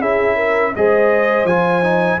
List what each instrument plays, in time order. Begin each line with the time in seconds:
0.00 tuba C#4, trombone E4, horn G#4, trumpet E5
0.35 horn A#4
0.75 tuba G#3, trombone G#4, horn C5, trumpet D#5
1.44 tuba F3, trombone F4, trumpet G#5
1.82 trombone D#4